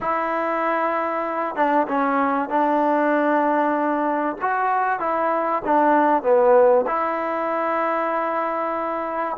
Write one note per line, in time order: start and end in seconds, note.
0.00 1.55 E4
1.55 1.86 D4
1.87 2.49 C#4
2.49 4.36 D4
4.41 4.99 F#4
4.99 5.62 E4
5.64 6.22 D4
6.22 6.85 B3
6.87 9.37 E4